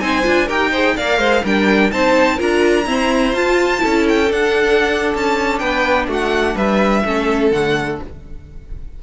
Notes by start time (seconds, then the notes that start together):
0.00 C4 D#4 C5 G#5
0.23 D4 F4
0.46 D#4 G4 A#4 G5
0.71 G#4 C5
0.96 A#3 A#4 D5 F5
1.18 G#3 C5
1.43 G3 D4 A#4 G5
1.91 C4 D#4 C5 A5
2.36 D4 F4 A#4 A#5
2.85 C4 E4 C5
3.32 F4 A5
3.78 E4 A4
3.85 C#4
4.08 G5
4.31 D4 F#5
5.14 C#4 A5
5.58 B3 B4 G5
6.07 A3 F#4 F#5
6.55 G3 B4 E5
7.05 A3 C#4 A4
7.51 D3 A3 F#5